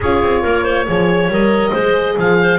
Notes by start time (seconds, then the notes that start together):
0.00 C#4 F4 G#4 C#5
0.22 C4
0.42 A#3 A#4
0.64 C5
0.87 F3 G#4 C#5
1.28 G3 A#4 D#5
1.71 G#3 G#4 C5
2.16 F3 G#4 F5
2.40 C5